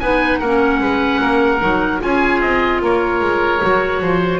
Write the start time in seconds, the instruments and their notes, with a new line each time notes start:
0.00 double bass B3, clarinet D#4, oboe B4 G#5
0.39 double bass A#3, clarinet C#4, oboe A#4 F#5
0.80 double bass G#3, oboe B4
1.21 double bass A#3, oboe A#4
1.60 double bass F#3, clarinet D#4
2.00 double bass C#4, clarinet F4, oboe G#4 G#5
2.41 double bass C4, oboe D#5
2.82 double bass A#3, oboe A#4 C#5
3.21 double bass G#3
3.60 double bass F#3, clarinet F#4
4.02 double bass F3, oboe C5